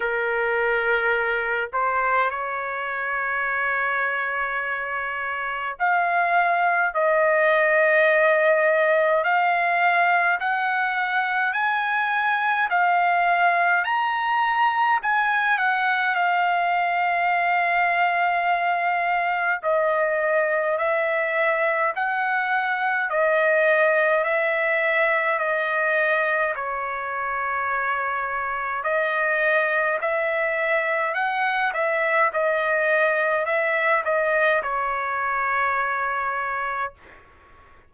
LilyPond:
\new Staff \with { instrumentName = "trumpet" } { \time 4/4 \tempo 4 = 52 ais'4. c''8 cis''2~ | cis''4 f''4 dis''2 | f''4 fis''4 gis''4 f''4 | ais''4 gis''8 fis''8 f''2~ |
f''4 dis''4 e''4 fis''4 | dis''4 e''4 dis''4 cis''4~ | cis''4 dis''4 e''4 fis''8 e''8 | dis''4 e''8 dis''8 cis''2 | }